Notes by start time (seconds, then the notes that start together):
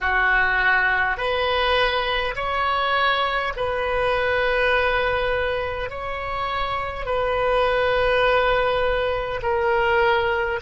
0.00 F#4
1.17 B4
2.35 C#5
3.56 B4
5.89 C#5
7.05 B4
9.42 A#4